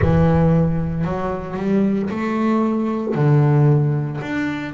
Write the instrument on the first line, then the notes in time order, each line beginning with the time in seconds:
double bass
0.01 E3
1.04 F#3
1.56 G3
2.10 A3
3.14 D3
4.21 D4